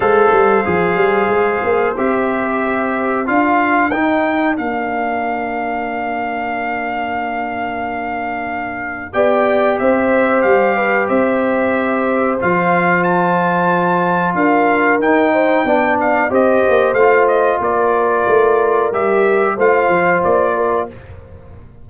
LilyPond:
<<
  \new Staff \with { instrumentName = "trumpet" } { \time 4/4 \tempo 4 = 92 f''2. e''4~ | e''4 f''4 g''4 f''4~ | f''1~ | f''2 g''4 e''4 |
f''4 e''2 f''4 | a''2 f''4 g''4~ | g''8 f''8 dis''4 f''8 dis''8 d''4~ | d''4 e''4 f''4 d''4 | }
  \new Staff \with { instrumentName = "horn" } { \time 4/4 c''1~ | c''4 ais'2.~ | ais'1~ | ais'2 d''4 c''4~ |
c''8 b'8 c''2.~ | c''2 ais'4. c''8 | d''4 c''2 ais'4~ | ais'2 c''4. ais'8 | }
  \new Staff \with { instrumentName = "trombone" } { \time 4/4 a'4 gis'2 g'4~ | g'4 f'4 dis'4 d'4~ | d'1~ | d'2 g'2~ |
g'2. f'4~ | f'2. dis'4 | d'4 g'4 f'2~ | f'4 g'4 f'2 | }
  \new Staff \with { instrumentName = "tuba" } { \time 4/4 gis8 g8 f8 g8 gis8 ais8 c'4~ | c'4 d'4 dis'4 ais4~ | ais1~ | ais2 b4 c'4 |
g4 c'2 f4~ | f2 d'4 dis'4 | b4 c'8 ais8 a4 ais4 | a4 g4 a8 f8 ais4 | }
>>